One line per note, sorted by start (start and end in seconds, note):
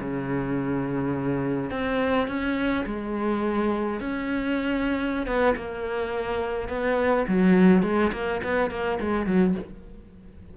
0.00 1.70 C#3
1.70 2.27 C4
2.27 2.84 C#4
2.85 4.00 G#3
4.00 5.26 C#4
5.26 5.55 B3
5.55 6.68 A#3
6.68 7.25 B3
7.27 7.82 F#3
7.82 8.11 G#3
8.12 8.41 A#3
8.43 8.70 B3
8.70 8.99 A#3
9.00 9.26 G#3
9.26 9.54 F#3